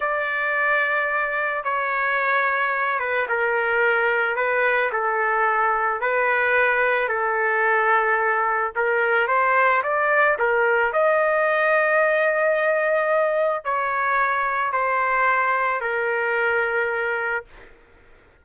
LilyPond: \new Staff \with { instrumentName = "trumpet" } { \time 4/4 \tempo 4 = 110 d''2. cis''4~ | cis''4. b'8 ais'2 | b'4 a'2 b'4~ | b'4 a'2. |
ais'4 c''4 d''4 ais'4 | dis''1~ | dis''4 cis''2 c''4~ | c''4 ais'2. | }